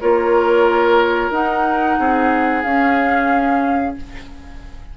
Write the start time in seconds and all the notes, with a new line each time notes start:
0.00 A#3 F4 A#4 C#5
1.30 D#4 F#5
1.98 C4 G#4
2.62 C#4 F5